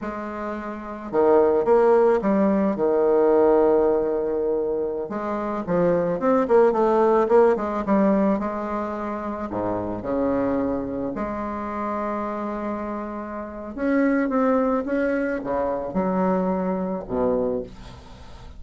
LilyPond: \new Staff \with { instrumentName = "bassoon" } { \time 4/4 \tempo 4 = 109 gis2 dis4 ais4 | g4 dis2.~ | dis4~ dis16 gis4 f4 c'8 ais16~ | ais16 a4 ais8 gis8 g4 gis8.~ |
gis4~ gis16 gis,4 cis4.~ cis16~ | cis16 gis2.~ gis8.~ | gis4 cis'4 c'4 cis'4 | cis4 fis2 b,4 | }